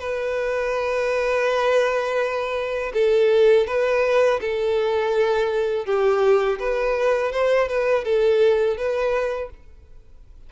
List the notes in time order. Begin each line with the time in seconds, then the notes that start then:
0.00 B4
2.94 A4
3.67 B4
4.41 A4
5.86 G4
6.60 B4
7.33 C5
7.69 B4
8.05 A4
8.77 B4